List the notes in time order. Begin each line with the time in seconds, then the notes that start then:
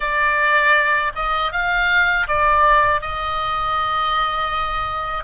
0.00 D5
1.15 D#5
1.52 F5
2.27 D5
3.01 D#5